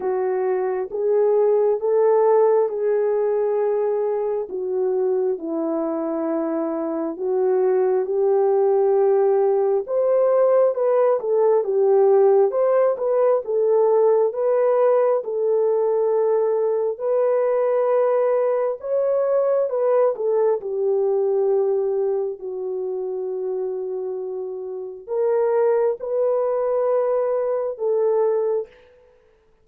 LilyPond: \new Staff \with { instrumentName = "horn" } { \time 4/4 \tempo 4 = 67 fis'4 gis'4 a'4 gis'4~ | gis'4 fis'4 e'2 | fis'4 g'2 c''4 | b'8 a'8 g'4 c''8 b'8 a'4 |
b'4 a'2 b'4~ | b'4 cis''4 b'8 a'8 g'4~ | g'4 fis'2. | ais'4 b'2 a'4 | }